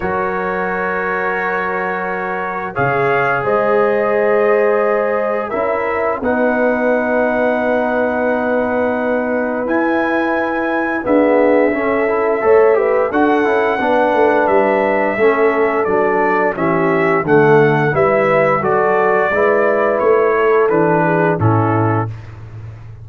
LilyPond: <<
  \new Staff \with { instrumentName = "trumpet" } { \time 4/4 \tempo 4 = 87 cis''1 | f''4 dis''2. | e''4 fis''2.~ | fis''2 gis''2 |
e''2. fis''4~ | fis''4 e''2 d''4 | e''4 fis''4 e''4 d''4~ | d''4 cis''4 b'4 a'4 | }
  \new Staff \with { instrumentName = "horn" } { \time 4/4 ais'1 | cis''4 c''2. | ais'4 b'2.~ | b'1 |
gis'4 a'4 cis''8 b'8 a'4 | b'2 a'2 | g'4 a'4 b'4 a'4 | b'4. a'4 gis'8 e'4 | }
  \new Staff \with { instrumentName = "trombone" } { \time 4/4 fis'1 | gis'1 | e'4 dis'2.~ | dis'2 e'2 |
b4 cis'8 e'8 a'8 g'8 fis'8 e'8 | d'2 cis'4 d'4 | cis'4 a4 e'4 fis'4 | e'2 d'4 cis'4 | }
  \new Staff \with { instrumentName = "tuba" } { \time 4/4 fis1 | cis4 gis2. | cis'4 b2.~ | b2 e'2 |
d'4 cis'4 a4 d'8 cis'8 | b8 a8 g4 a4 fis4 | e4 d4 g4 fis4 | gis4 a4 e4 a,4 | }
>>